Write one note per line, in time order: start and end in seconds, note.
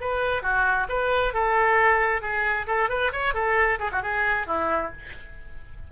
0.00 0.42 B4
0.42 0.87 F#4
0.89 1.33 B4
1.34 2.21 A4
2.21 2.66 G#4
2.67 2.89 A4
2.89 3.11 B4
3.12 3.34 C#5
3.34 3.78 A4
3.79 3.90 G#4
3.92 4.02 F#4
4.02 4.46 G#4
4.46 4.91 E4